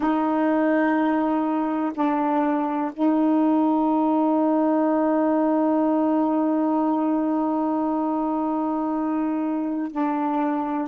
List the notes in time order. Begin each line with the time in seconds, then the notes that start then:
0.00 D#4
1.94 D4
2.93 D#4
9.91 D4